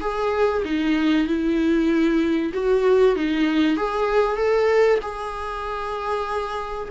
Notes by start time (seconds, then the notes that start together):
0.00 G#4
0.64 D#4
1.27 E4
2.53 F#4
3.16 D#4
3.76 G#4
4.36 A4
5.01 G#4